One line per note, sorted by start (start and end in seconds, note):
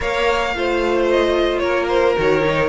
0.00 0.55 A#3
0.00 0.54 A#4
0.00 0.54 C#5
0.00 1.09 F5
0.55 1.61 A3
0.55 2.17 F4
0.55 1.61 C5
1.10 1.58 D#5
1.58 2.16 A#3
1.58 2.69 A#4
1.58 1.85 C#5
1.88 2.15 C5
2.17 2.69 D#3
2.17 2.41 F#4
2.17 2.69 C#5
2.41 2.68 D#4